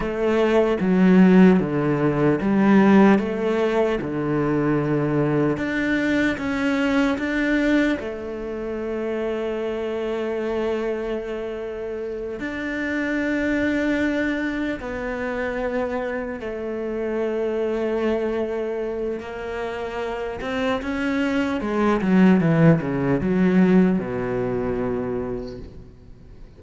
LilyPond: \new Staff \with { instrumentName = "cello" } { \time 4/4 \tempo 4 = 75 a4 fis4 d4 g4 | a4 d2 d'4 | cis'4 d'4 a2~ | a2.~ a8 d'8~ |
d'2~ d'8 b4.~ | b8 a2.~ a8 | ais4. c'8 cis'4 gis8 fis8 | e8 cis8 fis4 b,2 | }